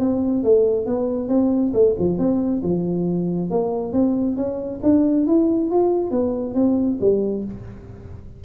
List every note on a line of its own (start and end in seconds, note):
0.00 0.44 C4
0.44 0.87 A3
0.87 1.29 B3
1.29 1.73 C4
1.74 1.96 A3
1.99 2.19 F3
2.19 2.63 C4
2.63 3.51 F3
3.51 3.93 A#3
3.93 4.37 C4
4.37 4.81 C#4
4.83 5.27 D4
5.27 5.71 E4
5.71 6.11 F4
6.11 6.55 B3
6.55 6.99 C4
7.01 7.45 G3